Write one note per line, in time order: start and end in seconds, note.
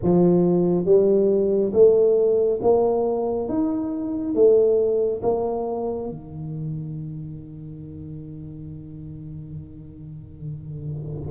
0.02 0.85 F3
0.85 1.72 G3
1.73 2.60 A3
2.62 3.49 A#3
3.49 4.34 D#4
4.34 5.21 A3
5.22 6.09 A#3
6.09 11.30 D#3